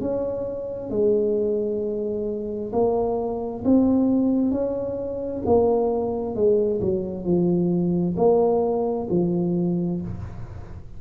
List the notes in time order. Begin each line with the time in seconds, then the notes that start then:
0.00 C#4
0.90 G#3
2.72 A#3
3.64 C4
4.51 C#4
5.45 A#3
6.35 G#3
6.81 F#3
7.24 F3
8.17 A#3
9.10 F3